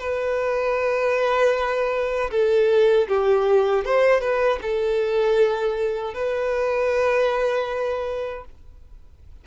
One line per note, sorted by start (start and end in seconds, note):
0.00 2.31 B4
2.31 3.08 A4
3.08 3.85 G4
3.85 4.21 C5
4.21 4.59 B4
4.62 6.14 A4
6.14 8.45 B4